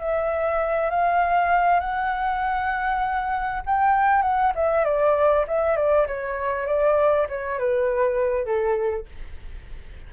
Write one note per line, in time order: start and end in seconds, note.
0.00 0.90 E5
0.90 1.80 F5
1.80 3.62 F#5
3.66 4.22 G5
4.22 4.53 F#5
4.55 4.85 E5
4.85 5.45 D5
5.48 5.77 E5
5.77 6.07 D5
6.07 6.67 C#5
6.67 7.27 D5
7.29 7.59 C#5
7.59 8.45 B4
8.45 9.06 A4